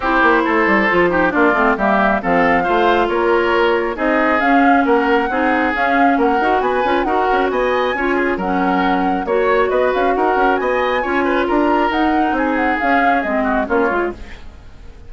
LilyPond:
<<
  \new Staff \with { instrumentName = "flute" } { \time 4/4 \tempo 4 = 136 c''2. d''4 | e''4 f''2 cis''4~ | cis''4 dis''4 f''4 fis''4~ | fis''4 f''4 fis''4 gis''4 |
fis''4 gis''2 fis''4~ | fis''4 cis''4 dis''8 f''8 fis''4 | gis''2 ais''4 fis''4 | gis''8 fis''8 f''4 dis''4 cis''4 | }
  \new Staff \with { instrumentName = "oboe" } { \time 4/4 g'4 a'4. g'8 f'4 | g'4 a'4 c''4 ais'4~ | ais'4 gis'2 ais'4 | gis'2 ais'4 b'4 |
ais'4 dis''4 cis''8 gis'8 ais'4~ | ais'4 cis''4 b'4 ais'4 | dis''4 cis''8 b'8 ais'2 | gis'2~ gis'8 fis'8 f'4 | }
  \new Staff \with { instrumentName = "clarinet" } { \time 4/4 e'2 f'8 dis'8 d'8 c'8 | ais4 c'4 f'2~ | f'4 dis'4 cis'2 | dis'4 cis'4. fis'4 f'8 |
fis'2 f'4 cis'4~ | cis'4 fis'2.~ | fis'4 f'2 dis'4~ | dis'4 cis'4 c'4 cis'8 f'8 | }
  \new Staff \with { instrumentName = "bassoon" } { \time 4/4 c'8 ais8 a8 g8 f4 ais8 a8 | g4 f4 a4 ais4~ | ais4 c'4 cis'4 ais4 | c'4 cis'4 ais8 dis'8 b8 cis'8 |
dis'8 cis'8 b4 cis'4 fis4~ | fis4 ais4 b8 cis'8 dis'8 cis'8 | b4 cis'4 d'4 dis'4 | c'4 cis'4 gis4 ais8 gis8 | }
>>